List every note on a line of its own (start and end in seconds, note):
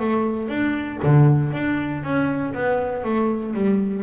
0.00 0.49 A3
0.49 0.99 D4
1.03 1.53 D3
1.53 2.03 D4
2.03 2.54 C#4
2.54 3.04 B3
3.04 3.54 A3
3.54 4.04 G3